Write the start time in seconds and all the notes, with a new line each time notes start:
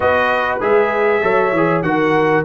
0.00 B3 F#4 B4 D#5
0.61 G#3 G#4 E5
1.22 F#3 A4 C#5
1.52 E3 G#4
1.82 D#3 F#4 A#4 F#5